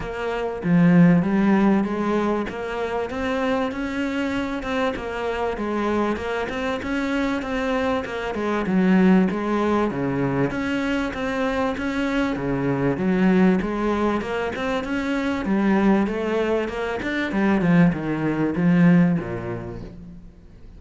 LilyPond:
\new Staff \with { instrumentName = "cello" } { \time 4/4 \tempo 4 = 97 ais4 f4 g4 gis4 | ais4 c'4 cis'4. c'8 | ais4 gis4 ais8 c'8 cis'4 | c'4 ais8 gis8 fis4 gis4 |
cis4 cis'4 c'4 cis'4 | cis4 fis4 gis4 ais8 c'8 | cis'4 g4 a4 ais8 d'8 | g8 f8 dis4 f4 ais,4 | }